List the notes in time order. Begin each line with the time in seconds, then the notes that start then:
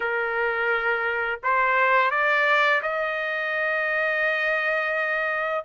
0.00 A#4
1.43 C5
2.10 D5
2.82 D#5